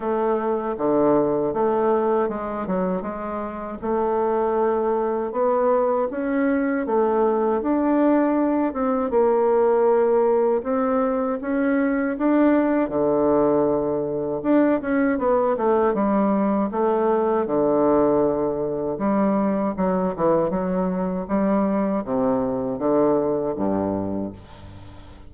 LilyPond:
\new Staff \with { instrumentName = "bassoon" } { \time 4/4 \tempo 4 = 79 a4 d4 a4 gis8 fis8 | gis4 a2 b4 | cis'4 a4 d'4. c'8 | ais2 c'4 cis'4 |
d'4 d2 d'8 cis'8 | b8 a8 g4 a4 d4~ | d4 g4 fis8 e8 fis4 | g4 c4 d4 g,4 | }